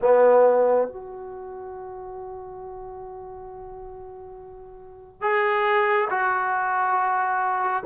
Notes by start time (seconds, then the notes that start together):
0.01 B3
0.87 F#4
5.21 G#4
6.09 F#4